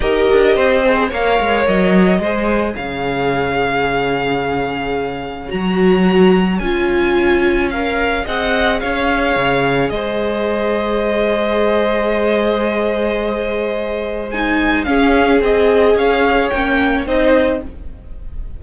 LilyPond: <<
  \new Staff \with { instrumentName = "violin" } { \time 4/4 \tempo 4 = 109 dis''2 f''4 dis''4~ | dis''4 f''2.~ | f''2 ais''2 | gis''2 f''4 fis''4 |
f''2 dis''2~ | dis''1~ | dis''2 gis''4 f''4 | dis''4 f''4 g''4 dis''4 | }
  \new Staff \with { instrumentName = "violin" } { \time 4/4 ais'4 c''4 cis''2 | c''4 cis''2.~ | cis''1~ | cis''2. dis''4 |
cis''2 c''2~ | c''1~ | c''2. gis'4~ | gis'4 cis''2 c''4 | }
  \new Staff \with { instrumentName = "viola" } { \time 4/4 g'4. gis'8 ais'2 | gis'1~ | gis'2 fis'2 | f'2 ais'4 gis'4~ |
gis'1~ | gis'1~ | gis'2 dis'4 cis'4 | gis'2 cis'4 dis'4 | }
  \new Staff \with { instrumentName = "cello" } { \time 4/4 dis'8 d'8 c'4 ais8 gis8 fis4 | gis4 cis2.~ | cis2 fis2 | cis'2. c'4 |
cis'4 cis4 gis2~ | gis1~ | gis2. cis'4 | c'4 cis'4 ais4 c'4 | }
>>